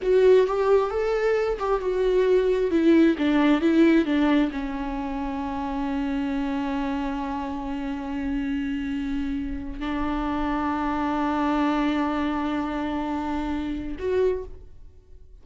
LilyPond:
\new Staff \with { instrumentName = "viola" } { \time 4/4 \tempo 4 = 133 fis'4 g'4 a'4. g'8 | fis'2 e'4 d'4 | e'4 d'4 cis'2~ | cis'1~ |
cis'1~ | cis'4.~ cis'16 d'2~ d'16~ | d'1~ | d'2. fis'4 | }